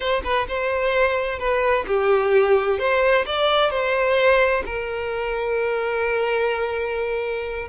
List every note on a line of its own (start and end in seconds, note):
0.00 0.22 C5
0.24 0.47 B4
0.48 1.38 C5
1.38 1.85 B4
1.87 2.78 G4
2.78 3.25 C5
3.26 3.70 D5
3.70 4.63 C5
4.65 7.67 A#4